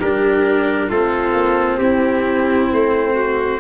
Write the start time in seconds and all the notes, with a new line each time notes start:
0.00 G3 D4 G4 A#4
0.89 A3 C4 F4 A4
1.34 A#3
1.79 C4 E4 G4
2.73 A3 C5
3.15 F#4